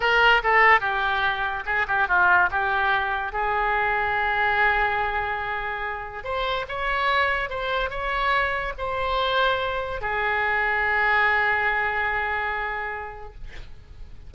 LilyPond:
\new Staff \with { instrumentName = "oboe" } { \time 4/4 \tempo 4 = 144 ais'4 a'4 g'2 | gis'8 g'8 f'4 g'2 | gis'1~ | gis'2. c''4 |
cis''2 c''4 cis''4~ | cis''4 c''2. | gis'1~ | gis'1 | }